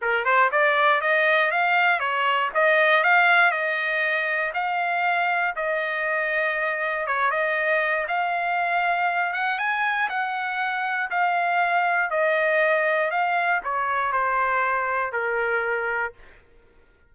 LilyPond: \new Staff \with { instrumentName = "trumpet" } { \time 4/4 \tempo 4 = 119 ais'8 c''8 d''4 dis''4 f''4 | cis''4 dis''4 f''4 dis''4~ | dis''4 f''2 dis''4~ | dis''2 cis''8 dis''4. |
f''2~ f''8 fis''8 gis''4 | fis''2 f''2 | dis''2 f''4 cis''4 | c''2 ais'2 | }